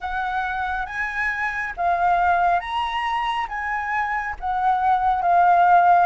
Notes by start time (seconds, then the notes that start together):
0.00 F#5
0.86 G#5
1.76 F5
2.59 A#5
3.48 G#5
4.40 F#5
5.22 F5